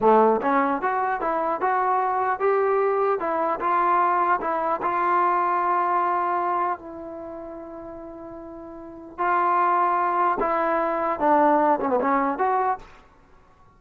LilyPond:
\new Staff \with { instrumentName = "trombone" } { \time 4/4 \tempo 4 = 150 a4 cis'4 fis'4 e'4 | fis'2 g'2 | e'4 f'2 e'4 | f'1~ |
f'4 e'2.~ | e'2. f'4~ | f'2 e'2 | d'4. cis'16 b16 cis'4 fis'4 | }